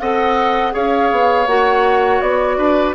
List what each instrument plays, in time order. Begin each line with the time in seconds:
0.00 bassoon C4, clarinet A4, oboe D#5, flute F#5
0.72 bassoon C#4, clarinet G#4, oboe C#5, flute F5
1.11 bassoon B3
1.47 bassoon A#3, clarinet F#4, flute F#5
2.21 bassoon B3, flute D5
2.57 bassoon D4, oboe B4